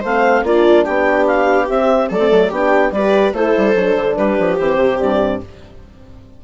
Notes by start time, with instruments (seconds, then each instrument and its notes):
0.00 bassoon A3, horn C4, viola C5, clarinet F5
0.43 bassoon A#3, horn D4, viola F4, clarinet D5
0.84 bassoon B3, viola G4, clarinet G5
1.26 clarinet F5
1.68 bassoon C4, horn C4, clarinet E5
2.09 bassoon F#3, horn A3, viola A4, clarinet D5
2.19 bassoon C4
2.31 bassoon F#3
2.49 bassoon B3, horn D4, viola G4, clarinet G5
2.91 bassoon G3, horn G4, viola B4, clarinet D5
3.32 bassoon A3, horn E4, viola A4, clarinet C5
3.57 bassoon G3
3.74 bassoon F#3, horn D4
3.96 bassoon D3
4.16 bassoon G3, viola G4, clarinet B4
4.38 bassoon F3
4.57 bassoon E3, horn C4, clarinet C5
4.76 bassoon C3
4.99 bassoon G2, clarinet D5